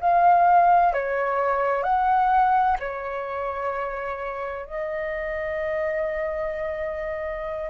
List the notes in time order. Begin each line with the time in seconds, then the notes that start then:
0.00 F5
0.93 C#5
1.83 F#5
2.79 C#5
4.66 D#5